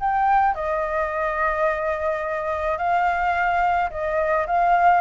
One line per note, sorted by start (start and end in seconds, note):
0.00 0.55 G5
0.55 2.78 D#5
2.78 3.90 F5
3.90 4.47 D#5
4.47 5.01 F5